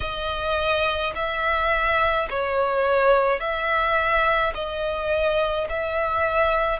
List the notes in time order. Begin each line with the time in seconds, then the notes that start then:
0.00 D#5
1.15 E5
2.30 C#5
3.40 E5
4.54 D#5
5.69 E5